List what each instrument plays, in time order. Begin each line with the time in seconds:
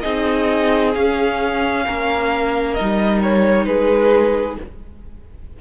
0.00 cello C4, viola D#4, violin G#4 D#5
0.94 viola C#4, cello C#4, violin F5
1.86 cello A#3, violin A#4
2.73 viola D#4, violin D#5
2.80 cello G3
3.22 violin C#5
3.65 cello G#3, violin G#4 B4